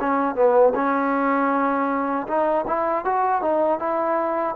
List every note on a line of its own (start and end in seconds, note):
0.00 0.35 C#4
0.35 0.73 B3
0.75 2.27 C#4
2.28 2.65 D#4
2.68 3.05 E4
3.05 3.42 F#4
3.42 3.79 D#4
3.79 4.55 E4